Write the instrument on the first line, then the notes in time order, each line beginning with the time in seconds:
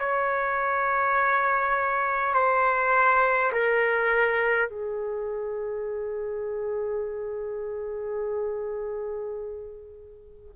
trumpet
0.00 C#5
2.34 C5
3.52 A#4
4.70 G#4